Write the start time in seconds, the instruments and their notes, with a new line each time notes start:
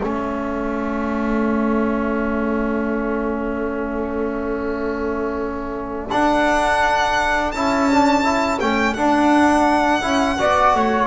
0.00 double bass A3, trombone C#4, flute A4, violin E5
6.11 double bass D4, trombone D4, violin F#5
7.52 double bass C#4, trombone E4, violin A5
7.91 trombone D4
8.23 trombone E4
8.60 double bass A3, trombone C#4, violin G5
8.94 double bass D4, trombone D4, violin F#5
10.02 double bass C#4, trombone E4
10.38 double bass B3, trombone F#4, flute D5
10.75 double bass A3, flute C#5